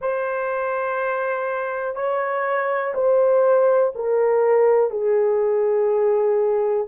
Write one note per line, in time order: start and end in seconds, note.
0.01 1.95 C5
1.95 2.93 C#5
2.94 3.92 C5
3.95 4.90 A#4
4.90 6.87 G#4